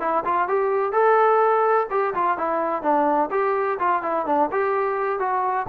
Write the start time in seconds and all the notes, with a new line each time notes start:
0.00 E4
0.25 F4
0.48 G4
0.92 A4
1.90 G4
2.15 F4
2.38 E4
2.82 D4
3.31 G4
3.79 F4
4.02 E4
4.26 D4
4.51 G4
5.19 F#4